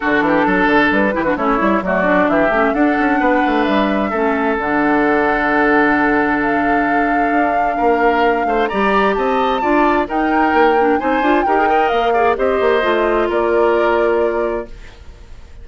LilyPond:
<<
  \new Staff \with { instrumentName = "flute" } { \time 4/4 \tempo 4 = 131 a'2 b'4 cis''4 | d''4 e''4 fis''2 | e''2 fis''2~ | fis''2 f''2~ |
f''2. ais''4 | a''2 g''2 | gis''4 g''4 f''4 dis''4~ | dis''4 d''2. | }
  \new Staff \with { instrumentName = "oboe" } { \time 4/4 fis'8 g'8 a'4. g'16 fis'16 e'4 | fis'4 g'4 a'4 b'4~ | b'4 a'2.~ | a'1~ |
a'4 ais'4. c''8 d''4 | dis''4 d''4 ais'2 | c''4 ais'8 dis''4 d''8 c''4~ | c''4 ais'2. | }
  \new Staff \with { instrumentName = "clarinet" } { \time 4/4 d'2~ d'8 e'16 d'16 cis'8 e'8 | a8 d'4 cis'8 d'2~ | d'4 cis'4 d'2~ | d'1~ |
d'2. g'4~ | g'4 f'4 dis'4. d'8 | dis'8 f'8 g'16 gis'16 ais'4 gis'8 g'4 | f'1 | }
  \new Staff \with { instrumentName = "bassoon" } { \time 4/4 d8 e8 fis8 d8 g8 e8 a8 g8 | fis4 e8 a8 d'8 cis'8 b8 a8 | g4 a4 d2~ | d1 |
d'4 ais4. a8 g4 | c'4 d'4 dis'4 ais4 | c'8 d'8 dis'4 ais4 c'8 ais8 | a4 ais2. | }
>>